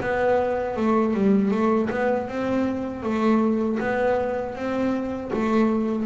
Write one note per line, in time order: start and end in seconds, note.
0.00 0.76 B3
0.76 1.14 A3
1.14 1.51 G3
1.51 1.89 A3
1.90 2.28 B3
2.28 3.02 C4
3.02 3.78 A3
3.79 4.55 B3
4.55 5.31 C4
5.33 6.06 A3